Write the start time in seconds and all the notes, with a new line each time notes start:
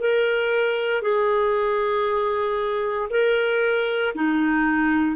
0.00 A#4
1.02 G#4
3.10 A#4
4.15 D#4